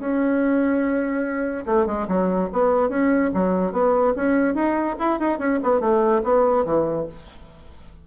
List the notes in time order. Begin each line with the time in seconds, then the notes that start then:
0.00 C#4
1.66 A3
1.87 G#3
2.08 F#3
2.53 B3
2.90 C#4
3.35 F#3
3.73 B3
4.16 C#4
4.55 D#4
4.99 E4
5.20 D#4
5.39 C#4
5.63 B3
5.81 A3
6.24 B3
6.66 E3